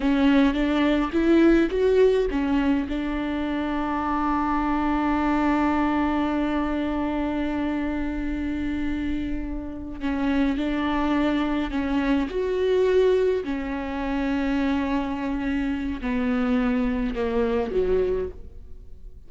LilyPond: \new Staff \with { instrumentName = "viola" } { \time 4/4 \tempo 4 = 105 cis'4 d'4 e'4 fis'4 | cis'4 d'2.~ | d'1~ | d'1~ |
d'4. cis'4 d'4.~ | d'8 cis'4 fis'2 cis'8~ | cis'1 | b2 ais4 fis4 | }